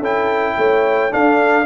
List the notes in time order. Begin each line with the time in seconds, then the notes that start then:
0.00 C#4 E4 A4 G5
0.58 A3 C#5
1.11 D4 A4 F5